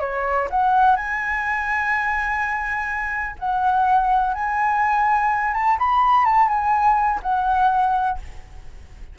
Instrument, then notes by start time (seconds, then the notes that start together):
flute
0.00 C#5
0.50 F#5
0.96 G#5
3.39 F#5
4.34 G#5
5.53 A5
5.78 B5
6.25 A5
6.48 G#5
7.22 F#5